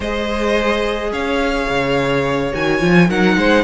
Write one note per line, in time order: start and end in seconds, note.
0.00 1.11 G#3
0.00 2.52 G#4
0.00 1.10 C5
0.00 1.12 D#5
1.11 1.68 C#4
1.11 3.08 C#5
1.11 2.52 F5
1.68 2.52 C#3
2.52 2.81 D#3
2.52 2.80 F#4
2.52 3.09 G#5
2.80 3.09 F3
2.80 3.08 F4
3.08 3.36 F#3
3.08 3.64 D#4
3.08 3.36 A#4
3.08 3.64 F#5
3.36 3.64 G#3
3.36 3.64 C5